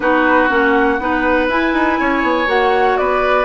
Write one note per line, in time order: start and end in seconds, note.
0.00 0.49 B3
0.00 0.48 D#4
0.00 1.00 F#4
0.00 0.48 B4
0.48 0.99 A#3
0.48 0.98 C#4
0.48 1.47 F#5
0.99 1.48 B3
0.99 1.49 D#4
0.99 2.00 B4
1.48 1.73 E4
1.48 2.46 E4
1.48 2.48 G#5
1.73 1.98 D#4
2.00 2.22 C#4
2.00 2.98 C#5
2.22 2.47 B3
2.46 2.96 A#3
2.46 3.45 F#4
2.46 2.97 F#5
2.97 3.45 B3
2.97 3.45 B4
2.97 3.45 D5